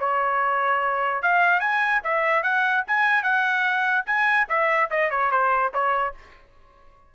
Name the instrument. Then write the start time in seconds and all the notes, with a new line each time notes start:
trumpet
0.00 C#5
1.23 F5
1.61 G#5
2.04 E5
2.43 F#5
2.88 G#5
3.23 F#5
4.06 G#5
4.49 E5
4.91 D#5
5.11 C#5
5.32 C5
5.74 C#5